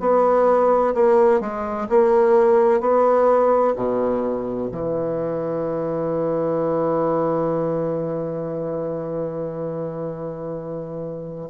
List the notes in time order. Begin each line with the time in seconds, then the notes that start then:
0.00 B3
0.94 A#3
1.41 G#3
1.89 A#3
2.80 B3
3.75 B2
4.71 E3